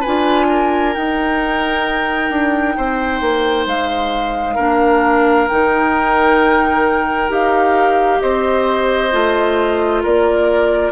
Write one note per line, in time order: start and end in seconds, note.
0.00 0.96 D4
0.00 0.94 F4
0.00 0.45 B4
0.00 0.93 G#5
0.49 2.76 A#4
0.93 4.58 D#4
0.93 2.30 D#4
0.93 3.66 G5
2.30 2.75 D4
2.77 3.21 C4
2.77 4.54 C5
3.21 3.66 A#3
3.66 4.57 G#3
3.66 5.48 F5
4.54 5.49 A#3
4.54 5.49 D4
4.54 8.18 A#4
5.48 7.29 D#3
5.48 7.28 D#4
5.48 7.30 G5
7.28 8.20 D#4
7.28 9.10 G4
7.28 8.20 F5
8.20 9.13 C4
8.20 10.02 C5
8.20 10.02 D#5
9.11 10.04 A3
9.11 10.91 F4
10.02 10.91 A#3
10.02 10.91 A#4
10.02 10.91 D5